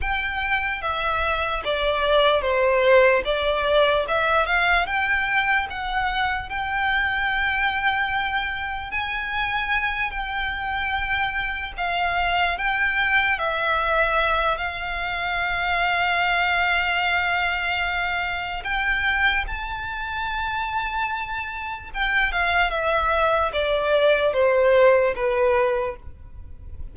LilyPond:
\new Staff \with { instrumentName = "violin" } { \time 4/4 \tempo 4 = 74 g''4 e''4 d''4 c''4 | d''4 e''8 f''8 g''4 fis''4 | g''2. gis''4~ | gis''8 g''2 f''4 g''8~ |
g''8 e''4. f''2~ | f''2. g''4 | a''2. g''8 f''8 | e''4 d''4 c''4 b'4 | }